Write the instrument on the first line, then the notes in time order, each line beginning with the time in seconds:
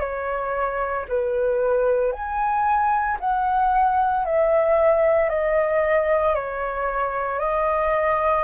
flute
0.00 C#5
1.09 B4
2.12 G#5
3.20 F#5
4.25 E5
5.29 D#5
6.34 C#5
7.39 D#5